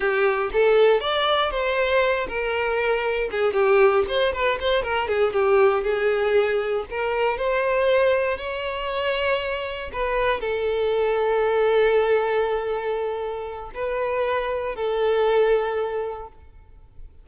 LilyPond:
\new Staff \with { instrumentName = "violin" } { \time 4/4 \tempo 4 = 118 g'4 a'4 d''4 c''4~ | c''8 ais'2 gis'8 g'4 | c''8 b'8 c''8 ais'8 gis'8 g'4 gis'8~ | gis'4. ais'4 c''4.~ |
c''8 cis''2. b'8~ | b'8 a'2.~ a'8~ | a'2. b'4~ | b'4 a'2. | }